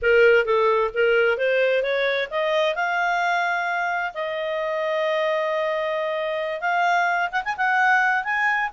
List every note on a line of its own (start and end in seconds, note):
0.02 0.45 A#4
0.45 0.90 A4
0.94 1.37 A#4
1.37 1.82 C5
1.82 2.28 C#5
2.30 2.75 D#5
2.75 4.12 F5
4.14 6.60 D#5
6.60 7.29 F5
7.31 7.43 F#5
7.44 7.56 G#5
7.57 8.24 F#5
8.24 8.70 G#5